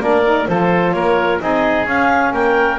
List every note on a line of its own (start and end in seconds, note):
0.00 0.47 A#3
0.00 0.24 D4
0.00 0.49 A#4
0.00 0.47 D5
0.25 0.48 D#4
0.47 0.93 F3
0.47 1.40 F4
0.47 0.95 A4
0.47 0.92 C5
0.92 1.39 A#3
0.92 1.42 A#4
0.92 1.38 C#5
1.40 1.85 C4
1.40 1.87 D#4
1.40 2.34 G#4
1.40 1.86 D#5
1.85 2.32 C#4
1.85 2.79 C#4
1.85 2.33 F5
2.32 2.79 A#3
2.32 2.79 A#4
2.32 2.79 G5